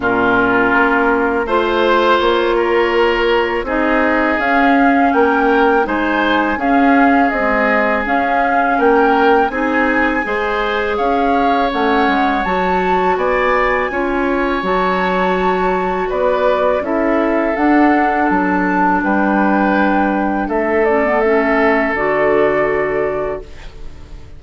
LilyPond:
<<
  \new Staff \with { instrumentName = "flute" } { \time 4/4 \tempo 4 = 82 ais'2 c''4 cis''4~ | cis''4 dis''4 f''4 g''4 | gis''4 f''4 dis''4 f''4 | g''4 gis''2 f''4 |
fis''4 a''4 gis''2 | a''2 d''4 e''4 | fis''4 a''4 g''2 | e''8 d''8 e''4 d''2 | }
  \new Staff \with { instrumentName = "oboe" } { \time 4/4 f'2 c''4. ais'8~ | ais'4 gis'2 ais'4 | c''4 gis'2. | ais'4 gis'4 c''4 cis''4~ |
cis''2 d''4 cis''4~ | cis''2 b'4 a'4~ | a'2 b'2 | a'1 | }
  \new Staff \with { instrumentName = "clarinet" } { \time 4/4 cis'2 f'2~ | f'4 dis'4 cis'2 | dis'4 cis'4 gis4 cis'4~ | cis'4 dis'4 gis'2 |
cis'4 fis'2 f'4 | fis'2. e'4 | d'1~ | d'8 cis'16 b16 cis'4 fis'2 | }
  \new Staff \with { instrumentName = "bassoon" } { \time 4/4 ais,4 ais4 a4 ais4~ | ais4 c'4 cis'4 ais4 | gis4 cis'4 c'4 cis'4 | ais4 c'4 gis4 cis'4 |
a8 gis8 fis4 b4 cis'4 | fis2 b4 cis'4 | d'4 fis4 g2 | a2 d2 | }
>>